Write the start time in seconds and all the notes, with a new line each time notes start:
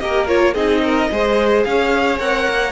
0.00 A#3 G4 A#4 D#5
0.28 F4 C#5
0.55 C4 D#4 G#4 D#5
0.84 A#4
1.11 G#3 G#4 C5
1.64 C#4 C#5 F5
2.20 C4 A#4 F#5
2.49 A#3